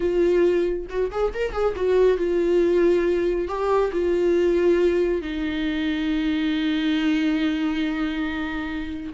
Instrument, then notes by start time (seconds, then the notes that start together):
viola
0.00 F4
0.89 F#4
1.11 G#4
1.34 A#4
1.52 G#4
1.75 F#4
2.17 F4
3.48 G4
3.92 F4
5.21 D#4